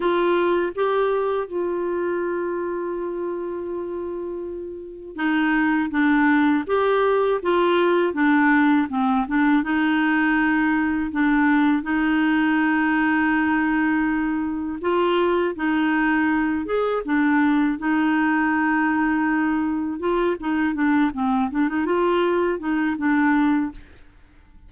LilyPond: \new Staff \with { instrumentName = "clarinet" } { \time 4/4 \tempo 4 = 81 f'4 g'4 f'2~ | f'2. dis'4 | d'4 g'4 f'4 d'4 | c'8 d'8 dis'2 d'4 |
dis'1 | f'4 dis'4. gis'8 d'4 | dis'2. f'8 dis'8 | d'8 c'8 d'16 dis'16 f'4 dis'8 d'4 | }